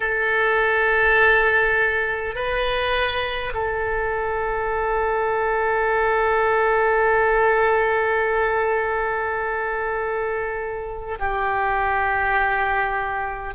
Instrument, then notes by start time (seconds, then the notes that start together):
oboe
0.00 A4
2.35 B4
3.53 A4
11.19 G4